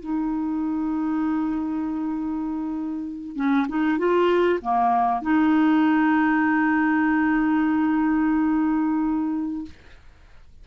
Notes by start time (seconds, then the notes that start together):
0.00 D#4
3.36 C#4
3.68 D#4
3.98 F4
4.61 A#3
5.21 D#4